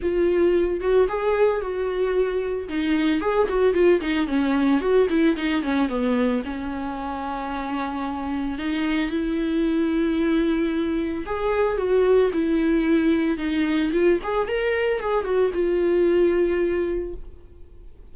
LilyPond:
\new Staff \with { instrumentName = "viola" } { \time 4/4 \tempo 4 = 112 f'4. fis'8 gis'4 fis'4~ | fis'4 dis'4 gis'8 fis'8 f'8 dis'8 | cis'4 fis'8 e'8 dis'8 cis'8 b4 | cis'1 |
dis'4 e'2.~ | e'4 gis'4 fis'4 e'4~ | e'4 dis'4 f'8 gis'8 ais'4 | gis'8 fis'8 f'2. | }